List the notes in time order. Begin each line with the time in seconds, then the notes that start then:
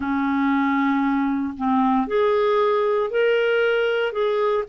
0.00 C#4
1.57 C4
2.07 G#4
3.10 A#4
4.12 G#4